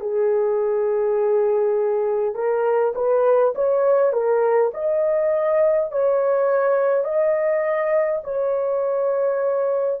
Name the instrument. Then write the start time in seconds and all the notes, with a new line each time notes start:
horn
0.00 G#4
2.34 A#4
2.95 B4
3.55 C#5
4.12 A#4
4.74 D#5
5.91 C#5
7.04 D#5
8.24 C#5